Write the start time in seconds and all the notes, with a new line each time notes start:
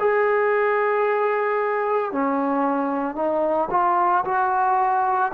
0.00 G#4
2.12 C#4
3.15 D#4
3.71 F4
4.24 F#4